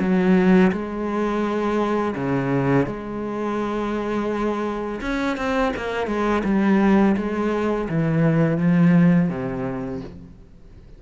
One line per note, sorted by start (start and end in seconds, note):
0.00 0.71 F#3
0.72 2.15 G#3
2.16 2.86 C#3
2.86 5.01 G#3
5.01 5.37 C#4
5.37 5.73 C4
5.77 6.07 A#3
6.07 6.43 G#3
6.44 7.16 G3
7.17 7.89 G#3
7.89 8.58 E3
8.58 9.29 F3
9.29 10.01 C3